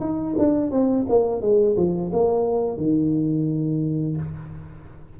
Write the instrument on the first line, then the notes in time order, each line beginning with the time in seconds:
tuba
0.00 D#4
0.38 D4
0.70 C4
1.09 A#3
1.40 G#3
1.76 F3
2.12 A#3
2.77 D#3